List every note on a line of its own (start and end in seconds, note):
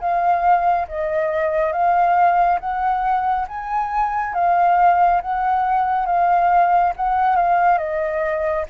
0.00 0.87 F5
0.88 1.72 D#5
1.72 2.59 F5
2.60 3.47 F#5
3.47 4.34 G#5
4.34 5.21 F5
5.21 6.06 F#5
6.06 6.92 F5
6.96 7.36 F#5
7.36 7.78 F5
7.78 8.65 D#5